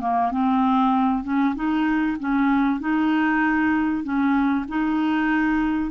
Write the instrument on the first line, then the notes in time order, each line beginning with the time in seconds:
clarinet
0.00 A#3
0.31 C4
1.24 C#4
1.55 D#4
2.20 C#4
2.80 D#4
4.03 C#4
4.68 D#4